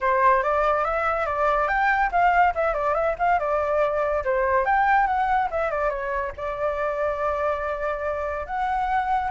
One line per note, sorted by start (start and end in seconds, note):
0.00 0.42 C5
0.42 0.84 D5
0.84 1.26 E5
1.26 1.68 D5
1.68 2.10 G5
2.11 2.53 F5
2.54 2.73 E5
2.73 2.94 D5
2.94 3.15 E5
3.19 3.39 F5
3.39 4.23 D5
4.24 4.65 C5
4.65 5.06 G5
5.06 5.49 F#5
5.50 5.70 E5
5.70 5.89 D5
5.89 6.31 C#5
6.36 8.46 D5
8.46 9.31 F#5